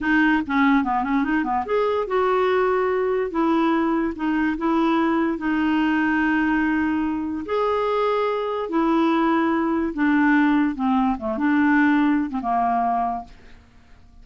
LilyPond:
\new Staff \with { instrumentName = "clarinet" } { \time 4/4 \tempo 4 = 145 dis'4 cis'4 b8 cis'8 dis'8 b8 | gis'4 fis'2. | e'2 dis'4 e'4~ | e'4 dis'2.~ |
dis'2 gis'2~ | gis'4 e'2. | d'2 c'4 a8 d'8~ | d'4.~ d'16 c'16 ais2 | }